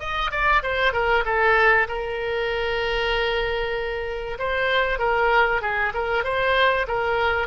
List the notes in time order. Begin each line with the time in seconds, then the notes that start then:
0.00 D#5
0.32 D5
0.63 C5
0.93 A#4
1.26 A4
1.88 A#4
4.39 C5
4.99 A#4
5.62 G#4
5.95 A#4
6.24 C5
6.88 A#4